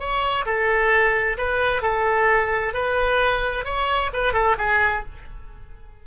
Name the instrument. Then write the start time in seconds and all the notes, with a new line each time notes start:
oboe
0.00 C#5
0.46 A4
1.38 B4
1.83 A4
2.74 B4
3.65 C#5
4.13 B4
4.33 A4
4.59 G#4